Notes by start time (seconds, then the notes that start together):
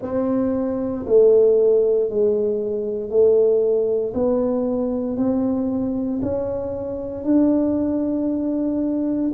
0.02 C4
1.06 A3
2.09 G#3
3.09 A3
4.14 B3
5.17 C4
6.22 C#4
7.24 D4